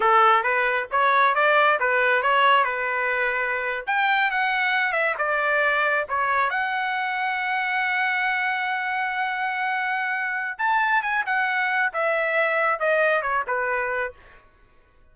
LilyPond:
\new Staff \with { instrumentName = "trumpet" } { \time 4/4 \tempo 4 = 136 a'4 b'4 cis''4 d''4 | b'4 cis''4 b'2~ | b'8. g''4 fis''4. e''8 d''16~ | d''4.~ d''16 cis''4 fis''4~ fis''16~ |
fis''1~ | fis''1 | a''4 gis''8 fis''4. e''4~ | e''4 dis''4 cis''8 b'4. | }